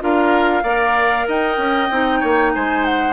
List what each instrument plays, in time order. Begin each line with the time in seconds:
0.00 bassoon D4, clarinet F4, oboe A#4, flute F5
0.63 bassoon A#3, clarinet A#4, oboe D5
1.27 bassoon D#4, oboe D#5, flute G5
1.57 bassoon C#4
1.90 bassoon C4, clarinet D#4
2.20 bassoon A#3, oboe C#5
2.54 bassoon G#3, oboe C5, flute G#5
2.85 flute F#5